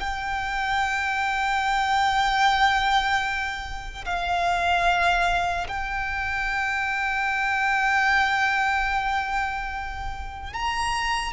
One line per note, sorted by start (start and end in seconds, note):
0.00 4.05 G5
4.05 5.68 F5
5.68 10.53 G5
10.53 11.33 A#5